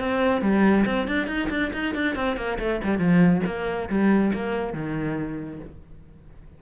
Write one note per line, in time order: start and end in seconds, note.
0.00 0.42 C4
0.42 0.85 G3
0.86 1.08 C4
1.08 1.28 D4
1.28 1.49 D#4
1.50 1.72 D4
1.74 1.95 D#4
1.95 2.16 D4
2.16 2.37 C4
2.37 2.59 A#3
2.59 2.81 A3
2.84 2.99 G3
2.99 3.42 F3
3.46 3.89 A#3
3.90 4.33 G3
4.34 4.74 A#3
4.74 5.60 D#3